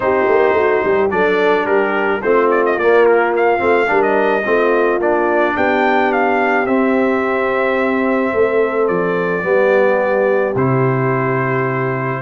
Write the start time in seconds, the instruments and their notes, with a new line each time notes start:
0.00 tuba C4, trombone D#4, horn G4, trumpet C5
0.28 tuba A#3
0.52 tuba A3, horn F#4
0.84 tuba G3, horn G4
1.09 tuba F#3, trombone D4, horn A4, trumpet D5
1.63 tuba G3, horn G4, trumpet A#4
2.21 tuba A3, trombone C4, horn F4, trumpet C5
2.50 trumpet D5
2.65 trumpet D#5
2.77 tuba A#3, trombone A#3, trumpet D5
3.05 trumpet A#4
3.36 trumpet F5
3.58 tuba A3, trombone C4
3.87 tuba G3, trombone D4, horn A#4
4.02 trumpet D#5
4.44 tuba A3, trombone C4, horn F4
4.98 tuba A#3, trombone D4, trumpet D5
5.55 tuba B3, horn G4, trumpet G5
6.12 trumpet F5
6.65 tuba C4, trombone C4, trumpet E5
8.33 tuba A3, horn A4
8.87 tuba F3, trumpet D5
9.43 tuba G3, trombone B3, horn G4
10.55 tuba C3, trombone E4, trumpet C5